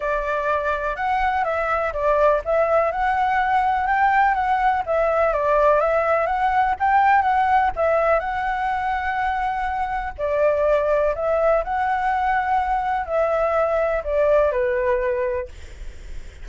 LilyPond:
\new Staff \with { instrumentName = "flute" } { \time 4/4 \tempo 4 = 124 d''2 fis''4 e''4 | d''4 e''4 fis''2 | g''4 fis''4 e''4 d''4 | e''4 fis''4 g''4 fis''4 |
e''4 fis''2.~ | fis''4 d''2 e''4 | fis''2. e''4~ | e''4 d''4 b'2 | }